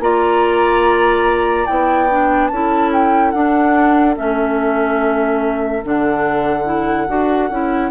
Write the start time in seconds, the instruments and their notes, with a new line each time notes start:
0.00 bassoon A#3, clarinet F4, oboe D5, flute A#5
1.66 bassoon B3, clarinet E4, flute G5
2.10 clarinet D4
2.48 bassoon C#4, clarinet E4, oboe A4, flute A5
2.93 flute G5
3.31 bassoon D4, clarinet D4, flute F#5
4.16 bassoon A3, clarinet C#4, flute E5
5.84 bassoon D3, clarinet D4, flute F#5
6.65 clarinet E4
7.08 bassoon D4, clarinet F#4
7.50 bassoon C#4, clarinet E4